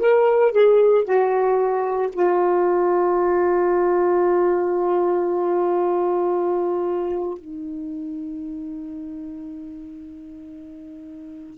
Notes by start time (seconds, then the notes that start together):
0.00 A#4
0.52 G#4
1.04 F#4
2.12 F4
7.38 D#4